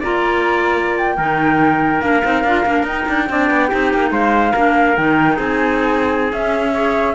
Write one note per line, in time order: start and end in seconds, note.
0.00 1.17 A#3
0.00 1.17 F4
0.00 1.15 D5
0.00 0.97 A#5
0.97 2.01 G5
1.17 2.01 D#3
1.17 2.00 D#4
1.17 3.26 A#4
2.00 2.22 A#3
2.00 2.21 D4
2.00 2.85 F5
2.22 2.43 C4
2.22 2.43 D#4
2.43 2.64 D4
2.43 2.66 F4
2.65 2.82 A#3
2.65 2.86 D4
2.82 3.03 D#4
2.82 3.28 D#4
2.82 4.12 G5
3.08 3.29 D4
3.28 3.50 C4
3.28 3.69 D4
3.28 3.68 D5
3.50 3.71 B3
3.68 3.93 C4
3.68 4.53 D#4
3.68 4.10 G4
3.93 4.10 A#3
4.10 4.52 G#3
4.10 4.52 C5
4.10 4.96 F5
4.52 4.97 A#3
4.52 4.97 D4
4.52 5.36 A#4
4.96 5.38 D#3
4.96 6.33 D#4
4.96 5.38 G5
5.36 6.32 C4
5.36 6.73 G#4
5.36 6.32 G#5
6.32 7.14 C#4
6.32 6.74 C#4
6.32 7.14 E5
6.73 7.14 G#4
6.73 7.14 C#5